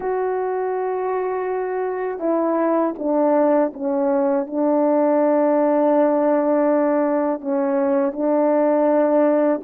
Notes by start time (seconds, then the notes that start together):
0.00 F#4
2.19 E4
2.98 D4
3.73 C#4
4.46 D4
7.41 C#4
8.12 D4